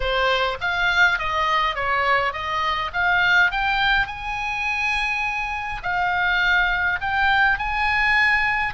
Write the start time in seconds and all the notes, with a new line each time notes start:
0.00 C5
0.60 F5
1.18 D#5
1.75 C#5
2.32 D#5
2.93 F5
3.51 G5
4.06 G#5
5.83 F5
7.00 G5
7.58 G#5